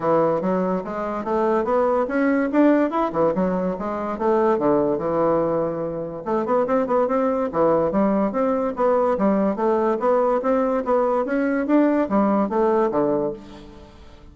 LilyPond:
\new Staff \with { instrumentName = "bassoon" } { \time 4/4 \tempo 4 = 144 e4 fis4 gis4 a4 | b4 cis'4 d'4 e'8 e8 | fis4 gis4 a4 d4 | e2. a8 b8 |
c'8 b8 c'4 e4 g4 | c'4 b4 g4 a4 | b4 c'4 b4 cis'4 | d'4 g4 a4 d4 | }